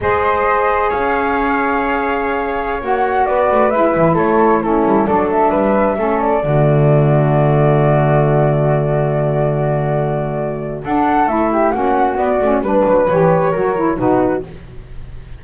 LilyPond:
<<
  \new Staff \with { instrumentName = "flute" } { \time 4/4 \tempo 4 = 133 dis''2 f''2~ | f''2~ f''16 fis''4 d''8.~ | d''16 e''4 cis''4 a'4 d''8 e''16~ | e''4.~ e''16 d''2~ d''16~ |
d''1~ | d''1 | fis''4 e''4 fis''4 d''4 | b'4 cis''2 b'4 | }
  \new Staff \with { instrumentName = "flute" } { \time 4/4 c''2 cis''2~ | cis''2.~ cis''16 b'8.~ | b'4~ b'16 a'4 e'4 a'8.~ | a'16 b'4 a'4 fis'4.~ fis'16~ |
fis'1~ | fis'1 | a'4. g'8 fis'2 | b'2 ais'4 fis'4 | }
  \new Staff \with { instrumentName = "saxophone" } { \time 4/4 gis'1~ | gis'2~ gis'16 fis'4.~ fis'16~ | fis'16 e'2 cis'4 d'8.~ | d'4~ d'16 cis'4 a4.~ a16~ |
a1~ | a1 | d'4 e'4 cis'4 b8 cis'8 | d'4 g'4 fis'8 e'8 dis'4 | }
  \new Staff \with { instrumentName = "double bass" } { \time 4/4 gis2 cis'2~ | cis'2~ cis'16 ais4 b8 a16~ | a16 gis8 e8 a4. g8 fis8.~ | fis16 g4 a4 d4.~ d16~ |
d1~ | d1 | d'4 a4 ais4 b8 a8 | g8 fis8 e4 fis4 b,4 | }
>>